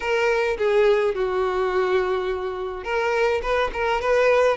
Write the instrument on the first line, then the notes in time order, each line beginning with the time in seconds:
violin
0.00 A#4
0.58 G#4
1.15 F#4
2.84 A#4
3.42 B4
3.73 A#4
4.01 B4